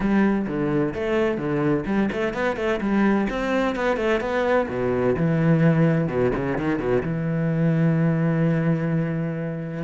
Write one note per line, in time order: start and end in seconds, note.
0.00 0.46 G3
0.47 0.94 D3
0.94 1.37 A3
1.37 1.84 D3
1.86 2.09 G3
2.12 2.33 A3
2.33 2.56 B3
2.56 2.80 A3
2.80 3.27 G3
3.29 3.75 C4
3.75 3.97 B3
3.97 4.20 A3
4.20 4.67 B3
4.69 5.15 B2
5.16 6.08 E3
6.08 6.31 B2
6.35 6.58 C#3
6.58 6.79 D#3
6.79 7.02 B2
7.02 9.83 E3